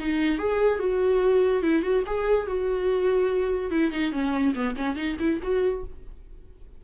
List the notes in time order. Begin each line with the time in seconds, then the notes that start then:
0.00 D#4
0.39 G#4
0.80 F#4
1.63 E4
1.83 F#4
2.07 G#4
2.47 F#4
3.71 E4
3.92 D#4
4.12 C#4
4.55 B3
4.77 C#4
4.97 D#4
5.20 E4
5.43 F#4